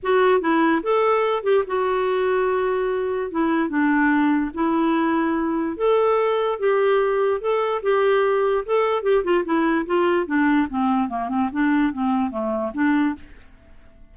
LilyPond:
\new Staff \with { instrumentName = "clarinet" } { \time 4/4 \tempo 4 = 146 fis'4 e'4 a'4. g'8 | fis'1 | e'4 d'2 e'4~ | e'2 a'2 |
g'2 a'4 g'4~ | g'4 a'4 g'8 f'8 e'4 | f'4 d'4 c'4 ais8 c'8 | d'4 c'4 a4 d'4 | }